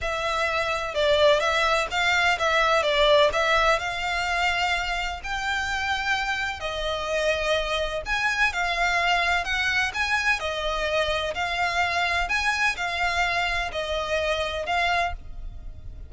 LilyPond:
\new Staff \with { instrumentName = "violin" } { \time 4/4 \tempo 4 = 127 e''2 d''4 e''4 | f''4 e''4 d''4 e''4 | f''2. g''4~ | g''2 dis''2~ |
dis''4 gis''4 f''2 | fis''4 gis''4 dis''2 | f''2 gis''4 f''4~ | f''4 dis''2 f''4 | }